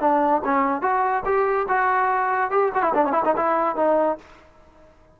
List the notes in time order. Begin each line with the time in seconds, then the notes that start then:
0.00 D4
0.44 C#4
0.81 F#4
1.25 G4
1.68 F#4
2.51 G4
2.74 F#4
2.82 E4
2.94 D4
3.05 C#4
3.12 E4
3.24 D#4
3.36 E4
3.76 D#4